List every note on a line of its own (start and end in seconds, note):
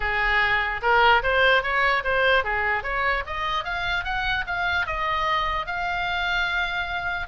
0.00 0.81 G#4
0.82 1.22 A#4
1.22 1.62 C5
1.62 2.03 C#5
2.04 2.44 C5
2.44 2.83 G#4
2.83 3.23 C#5
3.26 3.64 D#5
3.64 4.04 F5
4.04 4.44 F#5
4.46 4.86 F5
4.86 5.66 D#5
5.66 7.27 F5